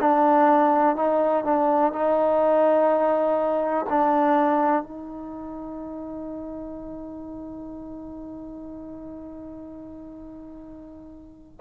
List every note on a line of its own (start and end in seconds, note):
0.00 0.96 D4
0.96 1.45 D#4
1.45 1.93 D4
1.93 3.86 D#4
3.90 4.83 D4
4.83 11.60 D#4